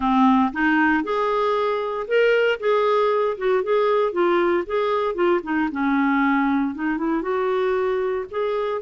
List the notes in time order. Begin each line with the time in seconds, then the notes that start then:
0.00 C4
0.52 D#4
1.03 G#4
2.07 A#4
2.59 G#4
3.37 F#4
3.63 G#4
4.12 F4
4.66 G#4
5.14 F4
5.43 D#4
5.71 C#4
6.74 D#4
6.97 E4
7.22 F#4
8.30 G#4